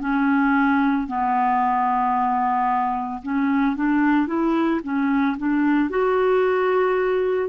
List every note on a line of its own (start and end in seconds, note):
0.00 1.07 C#4
1.07 3.21 B3
3.22 3.76 C#4
3.76 4.27 D4
4.27 4.81 E4
4.83 5.37 C#4
5.38 5.90 D4
5.90 7.49 F#4